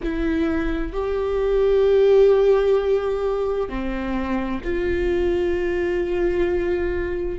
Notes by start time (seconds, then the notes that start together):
0.03 E4
0.92 G4
3.69 C4
4.64 F4